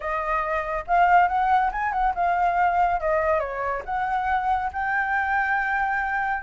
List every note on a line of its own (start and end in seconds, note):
0.00 0.84 D#5
0.87 1.28 F5
1.28 1.70 F#5
1.72 1.92 G#5
1.92 2.13 F#5
2.14 3.00 F5
3.00 3.39 D#5
3.39 3.82 C#5
3.85 4.71 F#5
4.73 6.42 G5